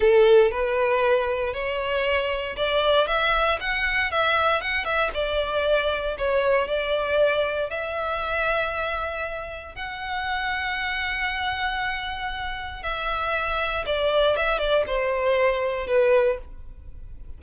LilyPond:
\new Staff \with { instrumentName = "violin" } { \time 4/4 \tempo 4 = 117 a'4 b'2 cis''4~ | cis''4 d''4 e''4 fis''4 | e''4 fis''8 e''8 d''2 | cis''4 d''2 e''4~ |
e''2. fis''4~ | fis''1~ | fis''4 e''2 d''4 | e''8 d''8 c''2 b'4 | }